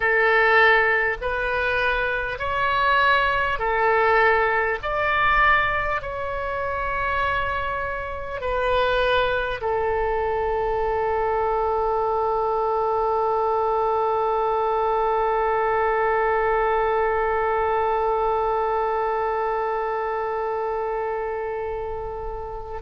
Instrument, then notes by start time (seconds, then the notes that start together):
oboe
0.00 A4
1.21 B4
2.38 C#5
3.58 A4
4.82 D5
6.01 C#5
8.41 B4
9.61 A4